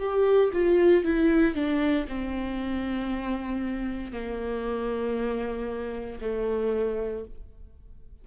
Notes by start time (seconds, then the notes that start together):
0.00 G4
0.54 F4
1.04 E4
1.55 D4
2.09 C4
4.13 A#3
6.22 A3